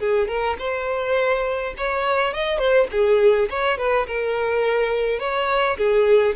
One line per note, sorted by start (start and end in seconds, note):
0.00 0.28 G#4
0.28 0.57 A#4
0.59 1.74 C5
1.78 2.34 C#5
2.34 2.59 D#5
2.59 2.87 C5
2.92 3.49 G#4
3.50 3.78 C#5
3.78 4.07 B4
4.08 5.20 A#4
5.20 5.77 C#5
5.78 6.36 G#4